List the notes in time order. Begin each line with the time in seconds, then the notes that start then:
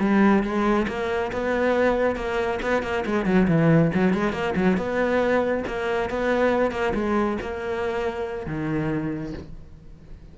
0.00 G3
0.43 G#3
0.88 A#3
1.32 B3
2.16 A#3
2.62 B3
2.83 A#3
3.06 G#3
3.25 F#3
3.48 E3
3.94 F#3
4.14 G#3
4.33 A#3
4.56 F#3
4.77 B3
5.67 A#3
6.10 B3
6.72 A#3
6.94 G#3
7.42 A#3
8.47 D#3